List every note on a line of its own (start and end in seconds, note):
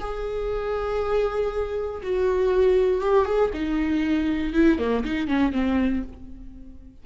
0.00 2.02 G#4
2.03 3.01 F#4
3.01 3.25 G4
3.25 3.50 G#4
3.54 4.54 D#4
4.54 4.79 E4
4.79 5.04 A#3
5.04 5.28 D#4
5.28 5.52 C#4
5.52 6.03 C4